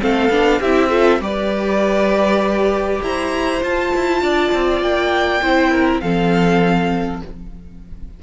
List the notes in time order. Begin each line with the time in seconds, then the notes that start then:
0.00 A3 C4 A4 F5
0.29 B3 D4
0.60 C4 E4 G4 E5
0.89 F4 A4
1.20 G3 G4 B4 D5
3.02 E4 C5 A#5
3.61 F4 A5
3.96 E4
4.21 D4 D5
4.52 C4
4.81 A#3 G5
5.42 C4 E4 C5
5.71 A#4
6.00 F3 C4 A4 F5